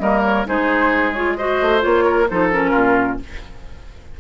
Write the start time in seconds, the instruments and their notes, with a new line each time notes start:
0.00 bassoon G3, clarinet A#3, oboe A#4, flute D#5
0.24 flute C#5
0.46 bassoon G#3, clarinet D#4, oboe G#4, flute C5
1.13 clarinet F4, flute C#5
1.36 clarinet F#4, oboe C5, flute D#5
1.61 bassoon A3
1.80 bassoon A#3, clarinet F4, flute C#5
2.05 oboe A#4
2.29 bassoon F3, clarinet D#4, oboe A4, flute C5
2.52 clarinet C#4, flute A#4
2.71 bassoon A#2, oboe F4